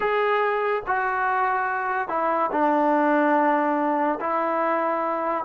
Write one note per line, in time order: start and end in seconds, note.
0.00 0.83 G#4
0.86 2.08 F#4
2.08 2.50 E4
2.51 4.19 D4
4.20 5.45 E4